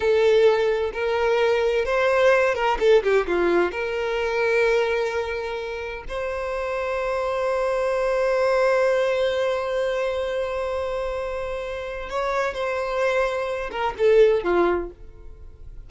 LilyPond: \new Staff \with { instrumentName = "violin" } { \time 4/4 \tempo 4 = 129 a'2 ais'2 | c''4. ais'8 a'8 g'8 f'4 | ais'1~ | ais'4 c''2.~ |
c''1~ | c''1~ | c''2 cis''4 c''4~ | c''4. ais'8 a'4 f'4 | }